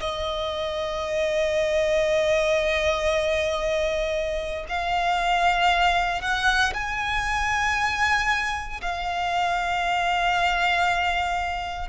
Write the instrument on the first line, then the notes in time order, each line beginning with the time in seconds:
violin
0.00 D#5
4.69 F5
6.22 F#5
6.74 G#5
8.81 F5